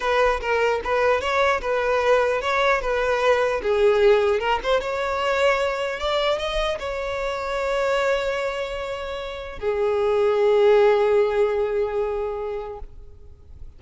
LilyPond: \new Staff \with { instrumentName = "violin" } { \time 4/4 \tempo 4 = 150 b'4 ais'4 b'4 cis''4 | b'2 cis''4 b'4~ | b'4 gis'2 ais'8 c''8 | cis''2. d''4 |
dis''4 cis''2.~ | cis''1 | gis'1~ | gis'1 | }